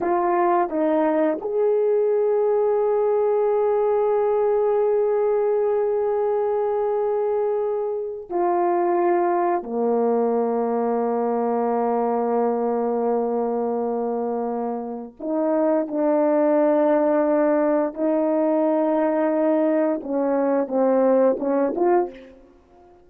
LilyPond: \new Staff \with { instrumentName = "horn" } { \time 4/4 \tempo 4 = 87 f'4 dis'4 gis'2~ | gis'1~ | gis'1 | f'2 ais2~ |
ais1~ | ais2 dis'4 d'4~ | d'2 dis'2~ | dis'4 cis'4 c'4 cis'8 f'8 | }